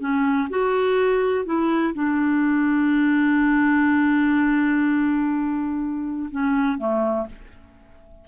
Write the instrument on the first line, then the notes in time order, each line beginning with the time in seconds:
clarinet
0.00 C#4
0.50 F#4
1.45 E4
1.94 D4
6.31 C#4
6.78 A3